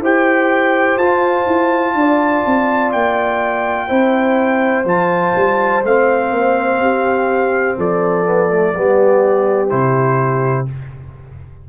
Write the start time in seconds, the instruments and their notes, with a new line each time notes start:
0.00 tuba E4, trombone G4, horn C5, trumpet G5
0.97 tuba F4, trombone F4, trumpet A5
1.47 tuba E4
1.94 tuba D4, horn D5
2.46 tuba C4
2.92 tuba A#3, trumpet G5
3.88 tuba C4, trombone E4, horn C5
4.85 tuba F3, trombone F4, trumpet A5
5.36 tuba G3
5.83 tuba A3, trombone C4, trumpet F5
6.31 tuba A#3
6.79 tuba C4, horn G4
7.77 tuba F3, horn A4, trumpet D5
8.25 trombone B3
8.50 trombone A3
8.74 tuba G3, trombone B3, horn G4
9.69 tuba C3, trombone E4, trumpet C5